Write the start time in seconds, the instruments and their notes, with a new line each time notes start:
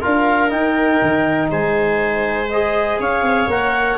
0.00 tuba D4, trombone F4, viola A#4, clarinet F5
0.48 trombone D#4, tuba D#4, clarinet G5
1.02 tuba D#3
1.51 tuba G#3, viola C5, clarinet G#5
2.49 trombone G#4, clarinet D#5
2.99 tuba C#4, viola C#5, clarinet F5
3.21 tuba C4
3.47 tuba A#3, trombone A#4, clarinet F#5